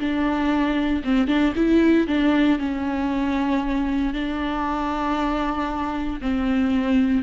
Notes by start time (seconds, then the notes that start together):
0.00 D4
1.04 C4
1.28 D4
1.56 E4
2.07 D4
2.59 C#4
4.14 D4
6.22 C4